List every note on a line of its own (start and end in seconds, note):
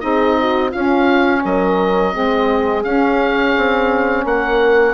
0.00 0.74 C4
0.00 0.71 D#4
0.00 0.39 G#4
0.00 0.71 D#5
0.40 0.71 F#4
0.71 1.45 C#4
0.71 2.12 C#4
0.71 1.41 F4
0.71 1.43 F5
1.45 2.15 F#3
1.45 2.14 A#4
1.45 2.84 D#5
2.12 2.85 G#3
2.12 2.83 C4
2.12 4.26 G#4
2.84 3.55 C#4
2.84 4.94 C#4
2.84 4.25 F5
3.57 4.25 C4
4.25 4.94 A#3
4.25 4.94 A#4
4.25 4.94 F#5